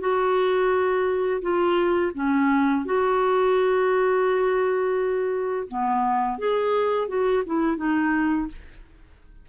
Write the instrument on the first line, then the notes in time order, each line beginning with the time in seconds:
clarinet
0.00 F#4
1.41 F4
2.14 C#4
2.85 F#4
5.68 B3
6.38 G#4
7.08 F#4
7.46 E4
7.76 D#4